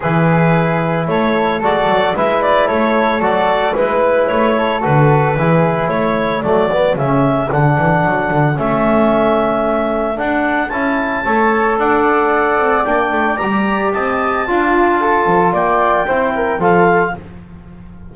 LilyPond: <<
  \new Staff \with { instrumentName = "clarinet" } { \time 4/4 \tempo 4 = 112 b'2 cis''4 d''4 | e''8 d''8 cis''4 d''4 b'4 | cis''4 b'2 cis''4 | d''4 e''4 fis''2 |
e''2. fis''4 | a''2 fis''2 | g''4 ais''4 a''2~ | a''4 g''2 f''4 | }
  \new Staff \with { instrumentName = "flute" } { \time 4/4 gis'2 a'2 | b'4 a'2 b'4~ | b'8 a'4. gis'4 a'4~ | a'1~ |
a'1~ | a'4 cis''4 d''2~ | d''2 dis''4 f'4 | a'4 d''4 c''8 ais'8 a'4 | }
  \new Staff \with { instrumentName = "trombone" } { \time 4/4 e'2. fis'4 | e'2 fis'4 e'4~ | e'4 fis'4 e'2 | a8 b8 cis'4 d'2 |
cis'2. d'4 | e'4 a'2. | d'4 g'2 f'4~ | f'2 e'4 f'4 | }
  \new Staff \with { instrumentName = "double bass" } { \time 4/4 e2 a4 gis8 fis8 | gis4 a4 fis4 gis4 | a4 d4 e4 a4 | fis4 cis4 d8 e8 fis8 d8 |
a2. d'4 | cis'4 a4 d'4. c'8 | ais8 a8 g4 c'4 d'4~ | d'8 f8 ais4 c'4 f4 | }
>>